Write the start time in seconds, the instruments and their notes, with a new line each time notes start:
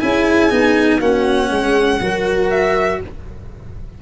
0.00 tuba C#4, cello E4, horn G#4, violin G#5
0.50 tuba B3, cello D#4
0.99 tuba A#3, cello C#4, horn F#4, violin F#5
1.49 tuba G#3, horn G#4
2.00 tuba F#3, cello F#4, horn A#4
2.50 violin E5